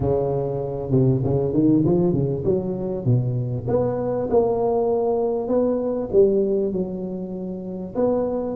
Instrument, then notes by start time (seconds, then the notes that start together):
tuba
0.00 C#3
0.90 C3
1.24 C#3
1.53 D#3
1.85 F3
2.13 C#3
2.44 F#3
3.05 B2
3.68 B3
4.30 A#3
5.48 B3
6.12 G3
6.72 F#3
7.95 B3